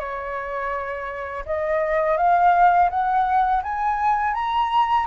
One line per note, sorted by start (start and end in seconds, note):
0.00 1.45 C#5
1.46 2.18 D#5
2.18 2.90 F5
2.90 3.62 F#5
3.63 4.34 G#5
4.34 5.07 A#5